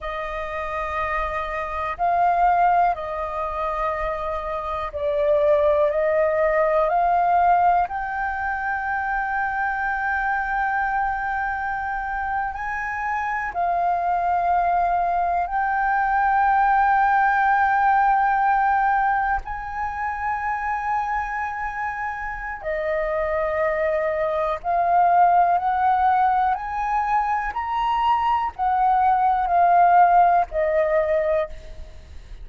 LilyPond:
\new Staff \with { instrumentName = "flute" } { \time 4/4 \tempo 4 = 61 dis''2 f''4 dis''4~ | dis''4 d''4 dis''4 f''4 | g''1~ | g''8. gis''4 f''2 g''16~ |
g''2.~ g''8. gis''16~ | gis''2. dis''4~ | dis''4 f''4 fis''4 gis''4 | ais''4 fis''4 f''4 dis''4 | }